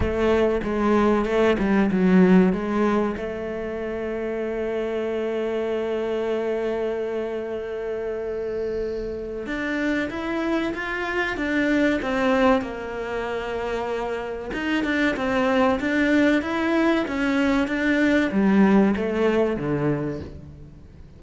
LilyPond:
\new Staff \with { instrumentName = "cello" } { \time 4/4 \tempo 4 = 95 a4 gis4 a8 g8 fis4 | gis4 a2.~ | a1~ | a2. d'4 |
e'4 f'4 d'4 c'4 | ais2. dis'8 d'8 | c'4 d'4 e'4 cis'4 | d'4 g4 a4 d4 | }